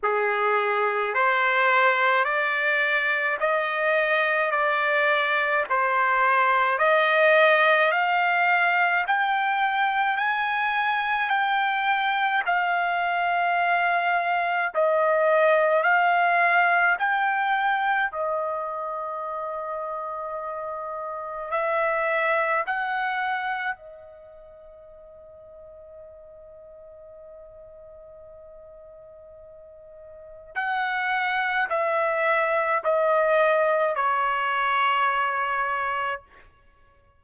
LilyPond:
\new Staff \with { instrumentName = "trumpet" } { \time 4/4 \tempo 4 = 53 gis'4 c''4 d''4 dis''4 | d''4 c''4 dis''4 f''4 | g''4 gis''4 g''4 f''4~ | f''4 dis''4 f''4 g''4 |
dis''2. e''4 | fis''4 dis''2.~ | dis''2. fis''4 | e''4 dis''4 cis''2 | }